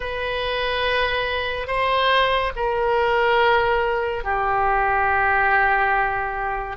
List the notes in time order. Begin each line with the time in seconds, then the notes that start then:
0.00 B4
1.67 C5
2.56 A#4
4.23 G4